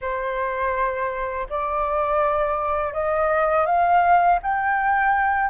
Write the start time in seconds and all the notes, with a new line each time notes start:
0.01 C5
1.49 D5
2.93 D#5
3.66 F5
4.42 G5